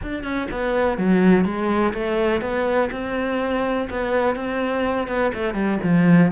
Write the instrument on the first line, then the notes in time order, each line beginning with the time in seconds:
cello
0.02 D4
0.23 C#4
0.50 B3
0.97 F#3
1.45 G#3
1.93 A3
2.41 B3
2.91 C4
3.90 B3
4.35 C4
5.07 B3
5.34 A3
5.54 G3
5.83 F3